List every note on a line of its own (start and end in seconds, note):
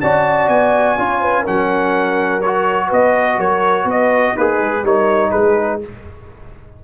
0.00 0.48 C#4
0.00 0.98 F#4
0.00 0.98 D5
0.00 0.48 A5
0.48 0.96 B3
0.48 1.45 G#5
0.98 1.46 C#4
0.98 1.44 F4
0.98 1.21 C#5
1.21 1.41 B4
1.41 2.92 F#3
1.41 2.41 C#4
1.41 2.86 A#4
1.41 2.41 F#5
2.41 4.37 F#4
2.41 2.89 C#5
2.87 3.37 B3
2.87 3.35 B4
2.87 3.39 D#5
3.37 3.84 F#3
3.37 3.86 A#4
3.37 3.88 C#5
3.84 4.32 B3
3.84 4.33 B4
3.84 4.36 D#5
4.33 4.59 A#3
4.33 4.81 D#4
4.33 4.84 G#4
4.33 4.85 B4
4.59 4.82 G#3
4.82 5.30 G3
4.82 5.81 D#4
4.82 5.30 A#4
4.82 5.31 C#5
5.30 5.83 G#3
5.30 5.79 G#4
5.30 5.79 B4